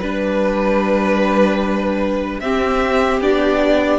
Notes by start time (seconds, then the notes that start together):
0.00 G3 D4 B4
2.40 C4 G4 E5
3.20 B3 D4 D5